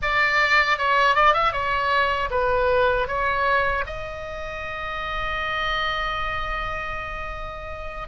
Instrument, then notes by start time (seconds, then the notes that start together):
oboe
0.02 D5
0.78 C#5
1.15 D5
1.33 E5
1.52 C#5
2.30 B4
3.07 C#5
3.86 D#5